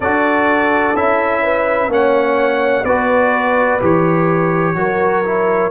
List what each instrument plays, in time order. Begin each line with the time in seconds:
0.00 tuba D4, trombone F#4, horn A4, trumpet D5
0.95 tuba C#4, trombone E4, trumpet E5
1.42 horn B4
1.88 tuba A#3, trombone C#4, horn C#5, trumpet F#5
2.83 tuba B3, trombone F#4, horn B4, trumpet D5
3.81 tuba E3, trombone G4, trumpet C#5
4.75 tuba F#3, trombone F#4, horn A#4
5.24 trombone E4